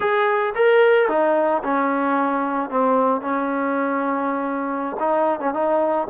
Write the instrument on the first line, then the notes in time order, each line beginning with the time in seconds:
trombone
0.00 G#4
0.55 A#4
1.08 D#4
1.63 C#4
2.70 C4
3.21 C#4
4.99 D#4
5.40 C#4
5.53 D#4